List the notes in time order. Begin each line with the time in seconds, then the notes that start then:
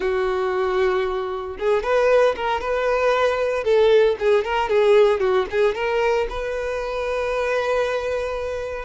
0.00 F#4
1.59 G#4
1.83 B4
2.36 A#4
2.60 B4
3.64 A4
4.19 G#4
4.44 A#4
4.69 G#4
5.20 F#4
5.50 G#4
5.74 A#4
6.29 B4